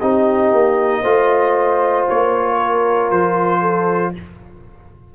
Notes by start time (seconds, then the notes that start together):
0.00 C4 D#4 G4 D#5
0.52 A#3
1.02 A3 F4 C5
2.09 A#3 C#5
2.58 A#4
3.11 F3 C5
3.61 A4